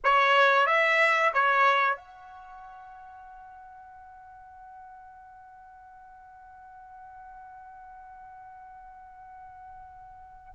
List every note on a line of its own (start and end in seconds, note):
0.03 0.66 C#5
0.66 1.32 E5
1.33 1.96 C#5
1.96 10.53 F#5